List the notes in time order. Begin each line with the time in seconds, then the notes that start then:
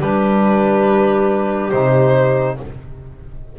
0.00 G3 D4 G4 B4
1.70 C3 D#4 C5